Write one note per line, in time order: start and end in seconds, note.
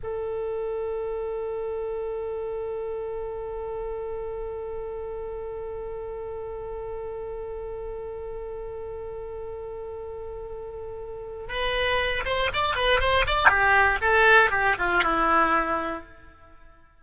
0.02 11.48 A4
11.48 12.23 B4
12.25 12.50 C5
12.52 12.75 D5
12.75 13.00 B4
13.00 13.25 C5
13.26 13.48 D5
13.48 13.98 G4
14.01 14.50 A4
14.50 14.75 G4
14.78 15.03 F4
15.03 16.03 E4